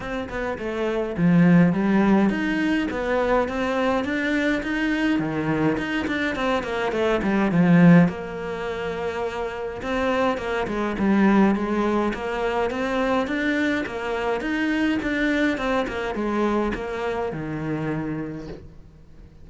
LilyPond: \new Staff \with { instrumentName = "cello" } { \time 4/4 \tempo 4 = 104 c'8 b8 a4 f4 g4 | dis'4 b4 c'4 d'4 | dis'4 dis4 dis'8 d'8 c'8 ais8 | a8 g8 f4 ais2~ |
ais4 c'4 ais8 gis8 g4 | gis4 ais4 c'4 d'4 | ais4 dis'4 d'4 c'8 ais8 | gis4 ais4 dis2 | }